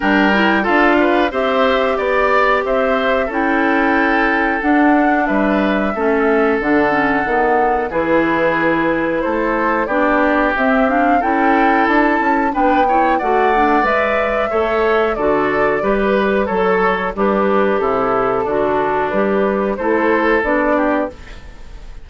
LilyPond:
<<
  \new Staff \with { instrumentName = "flute" } { \time 4/4 \tempo 4 = 91 g''4 f''4 e''4 d''4 | e''4 g''2 fis''4 | e''2 fis''2 | b'2 c''4 d''4 |
e''8 f''8 g''4 a''4 g''4 | fis''4 e''2 d''4~ | d''16 b'8. cis''4 b'4 a'4~ | a'4 b'4 c''4 d''4 | }
  \new Staff \with { instrumentName = "oboe" } { \time 4/4 ais'4 a'8 b'8 c''4 d''4 | c''4 a'2. | b'4 a'2. | gis'2 a'4 g'4~ |
g'4 a'2 b'8 cis''8 | d''2 cis''4 a'4 | b'4 a'4 d'4 e'4 | d'2 a'4. g'8 | }
  \new Staff \with { instrumentName = "clarinet" } { \time 4/4 d'8 e'8 f'4 g'2~ | g'4 e'2 d'4~ | d'4 cis'4 d'8 cis'8 b4 | e'2. d'4 |
c'8 d'8 e'2 d'8 e'8 | fis'8 d'8 b'4 a'4 fis'4 | g'4 a'4 g'2 | fis'4 g'4 e'4 d'4 | }
  \new Staff \with { instrumentName = "bassoon" } { \time 4/4 g4 d'4 c'4 b4 | c'4 cis'2 d'4 | g4 a4 d4 dis4 | e2 a4 b4 |
c'4 cis'4 d'8 cis'8 b4 | a4 gis4 a4 d4 | g4 fis4 g4 c4 | d4 g4 a4 b4 | }
>>